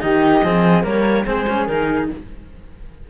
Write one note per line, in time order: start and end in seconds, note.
0.00 0.44 D#3
0.00 0.42 D#4
0.00 0.44 G4
0.00 0.85 D#5
0.44 0.85 F3
0.44 0.84 C4
0.44 0.83 G#4
0.83 1.26 G3
0.83 1.25 A#3
0.83 1.25 A#4
0.83 1.26 C#5
1.26 1.68 G#3
1.26 1.46 C4
1.26 2.11 G#4
1.26 1.66 C5
1.49 1.69 C#4
1.66 2.10 D#3
1.66 2.10 D#4
1.66 2.08 A#4